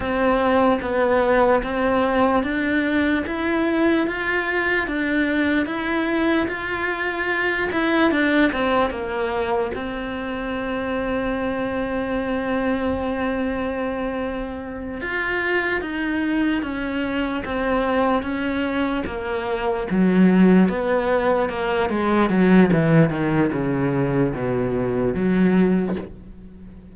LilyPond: \new Staff \with { instrumentName = "cello" } { \time 4/4 \tempo 4 = 74 c'4 b4 c'4 d'4 | e'4 f'4 d'4 e'4 | f'4. e'8 d'8 c'8 ais4 | c'1~ |
c'2~ c'8 f'4 dis'8~ | dis'8 cis'4 c'4 cis'4 ais8~ | ais8 fis4 b4 ais8 gis8 fis8 | e8 dis8 cis4 b,4 fis4 | }